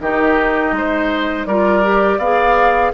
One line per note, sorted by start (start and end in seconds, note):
0.00 0.72 D#3
0.00 1.48 D#4
0.00 0.75 G4
0.00 1.46 D#5
0.72 1.45 G#3
0.72 1.47 C5
1.46 2.18 G3
1.46 1.83 F4
1.46 2.19 A#4
1.46 2.19 D5
1.83 2.20 G4
2.18 2.91 B3
2.18 2.94 G#4
2.18 2.92 D5
2.18 2.92 F5